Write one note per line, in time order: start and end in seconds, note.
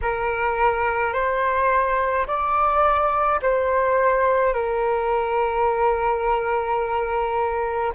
0.01 1.13 A#4
1.13 2.26 C5
2.26 3.40 D5
3.42 4.53 C5
4.53 7.93 A#4